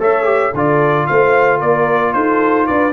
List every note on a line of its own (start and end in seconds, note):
0.00 0.54 A3
0.00 0.24 A4
0.00 0.54 C#5
0.00 0.56 E5
0.24 0.51 G4
0.54 1.08 D3
0.54 2.93 F4
0.54 1.08 A4
0.54 1.07 D5
1.07 1.61 A3
1.07 1.59 C5
1.07 1.61 F5
1.59 2.15 A#3
1.59 2.13 A#4
1.59 2.14 D5
2.14 2.69 D#4
2.14 2.68 A4
2.14 2.67 C5
2.67 2.93 D4
2.67 2.93 B4
2.67 2.93 D5